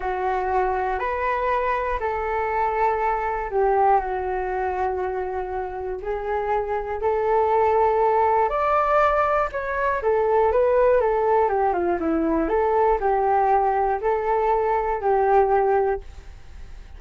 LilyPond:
\new Staff \with { instrumentName = "flute" } { \time 4/4 \tempo 4 = 120 fis'2 b'2 | a'2. g'4 | fis'1 | gis'2 a'2~ |
a'4 d''2 cis''4 | a'4 b'4 a'4 g'8 f'8 | e'4 a'4 g'2 | a'2 g'2 | }